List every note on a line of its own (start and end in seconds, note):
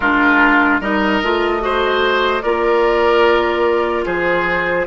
0.00 0.80 G#3
0.00 0.81 D4
0.00 0.80 F4
0.00 0.79 A#4
0.80 1.21 G3
0.80 1.22 D#4
0.80 1.61 A#4
0.80 2.42 D#5
1.22 2.43 A3
1.22 1.59 F4
1.59 2.41 F#4
1.59 2.42 C5
2.42 4.06 A#3
2.42 4.87 F4
2.42 4.04 A#4
2.42 4.04 D5
4.05 4.87 F3
4.05 4.86 G#4
4.05 4.87 C5